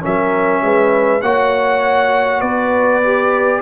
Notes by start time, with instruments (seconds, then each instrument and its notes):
0.00 tuba F#3, trombone C#4, horn A#4, trumpet E5
0.61 tuba G#3, horn B4
1.21 tuba A#3, trombone F#4, horn C#5, trumpet F#5
2.40 tuba B3, horn B4, trumpet D5
3.03 trombone G4